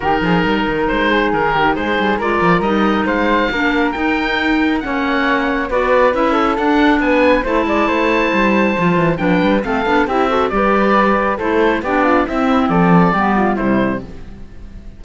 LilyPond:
<<
  \new Staff \with { instrumentName = "oboe" } { \time 4/4 \tempo 4 = 137 ais'2 c''4 ais'4 | c''4 d''4 dis''4 f''4~ | f''4 g''2 fis''4~ | fis''4 d''4 e''4 fis''4 |
gis''4 a''2.~ | a''4 g''4 f''4 e''4 | d''2 c''4 d''4 | e''4 d''2 c''4 | }
  \new Staff \with { instrumentName = "flute" } { \time 4/4 g'8 gis'8 ais'4. gis'4 g'8 | gis'4 ais'2 c''4 | ais'2. cis''4~ | cis''4 b'4. a'4. |
b'4 c''8 d''8 c''2~ | c''4 b'4 a'4 g'8 a'8 | b'2 a'4 g'8 f'8 | e'4 a'4 g'8 f'8 e'4 | }
  \new Staff \with { instrumentName = "clarinet" } { \time 4/4 dis'1~ | dis'4 f'4 dis'2 | d'4 dis'2 cis'4~ | cis'4 fis'4 e'4 d'4~ |
d'4 e'2. | f'4 d'4 c'8 d'8 e'8 fis'8 | g'2 e'4 d'4 | c'2 b4 g4 | }
  \new Staff \with { instrumentName = "cello" } { \time 4/4 dis8 f8 g8 dis8 gis4 dis4 | gis8 g8 gis8 f8 g4 gis4 | ais4 dis'2 ais4~ | ais4 b4 cis'4 d'4 |
b4 a8 gis8 a4 g4 | f8 e8 f8 g8 a8 b8 c'4 | g2 a4 b4 | c'4 f4 g4 c4 | }
>>